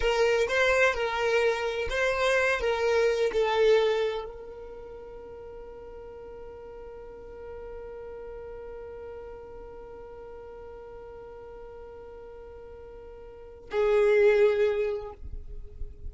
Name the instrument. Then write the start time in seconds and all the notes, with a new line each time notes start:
violin
0.00 A#4
0.47 C5
0.94 A#4
1.89 C5
2.60 A#4
3.33 A4
4.25 A#4
13.71 G#4